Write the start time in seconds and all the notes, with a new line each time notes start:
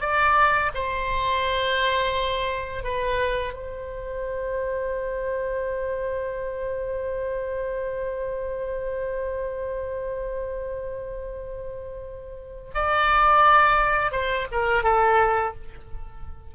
0.00 D5
0.74 C5
2.83 B4
3.53 C5
12.74 D5
14.11 C5
14.51 A#4
14.83 A4